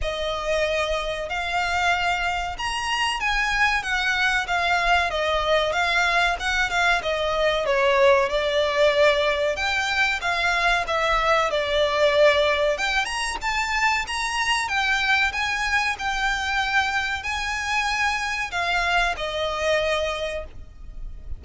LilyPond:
\new Staff \with { instrumentName = "violin" } { \time 4/4 \tempo 4 = 94 dis''2 f''2 | ais''4 gis''4 fis''4 f''4 | dis''4 f''4 fis''8 f''8 dis''4 | cis''4 d''2 g''4 |
f''4 e''4 d''2 | g''8 ais''8 a''4 ais''4 g''4 | gis''4 g''2 gis''4~ | gis''4 f''4 dis''2 | }